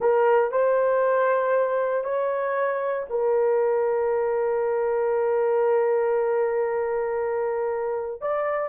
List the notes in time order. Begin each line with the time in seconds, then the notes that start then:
0.00 A#4
0.51 C5
2.03 C#5
3.09 A#4
8.21 D5